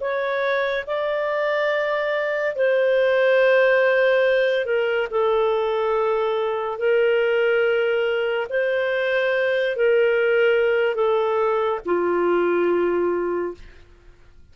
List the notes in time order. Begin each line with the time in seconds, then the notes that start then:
0.00 C#5
0.86 D5
2.55 C5
4.65 A#4
5.11 A4
6.78 A#4
8.49 C5
9.76 A#4
10.95 A4
11.85 F4